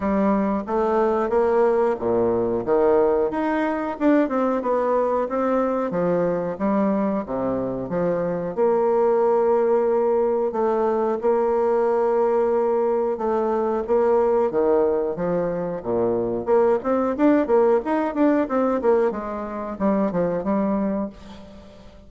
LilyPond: \new Staff \with { instrumentName = "bassoon" } { \time 4/4 \tempo 4 = 91 g4 a4 ais4 ais,4 | dis4 dis'4 d'8 c'8 b4 | c'4 f4 g4 c4 | f4 ais2. |
a4 ais2. | a4 ais4 dis4 f4 | ais,4 ais8 c'8 d'8 ais8 dis'8 d'8 | c'8 ais8 gis4 g8 f8 g4 | }